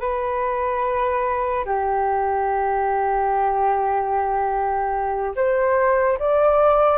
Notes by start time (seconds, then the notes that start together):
0.00 B4
1.65 G4
5.36 C5
6.19 D5